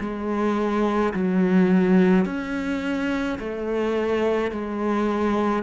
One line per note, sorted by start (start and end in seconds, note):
0.00 1.13 G#3
1.14 2.25 F#3
2.25 3.39 C#4
3.40 4.51 A3
4.51 5.63 G#3